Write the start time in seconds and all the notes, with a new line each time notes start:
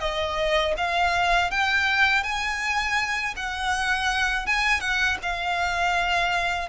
0.00 D#5
0.77 F5
1.51 G5
2.23 G#5
3.36 F#5
4.46 G#5
4.80 F#5
5.22 F5